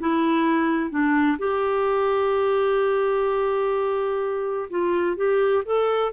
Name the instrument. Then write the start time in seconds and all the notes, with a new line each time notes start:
clarinet
0.00 E4
0.90 D4
1.38 G4
4.70 F4
5.16 G4
5.65 A4